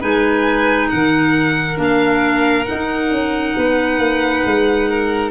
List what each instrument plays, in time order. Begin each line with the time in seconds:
0.00 tuba G#3, clarinet D#4, violin B4 G#5
0.89 tuba D#3, violin A#4 F#5
1.76 tuba A#3, clarinet D4
1.83 violin F5
2.65 clarinet D#4, tuba D#4, violin F#5
3.11 tuba C#4
3.57 tuba B3, violin B4
3.99 tuba A#3
4.46 tuba G#3
4.89 violin A#4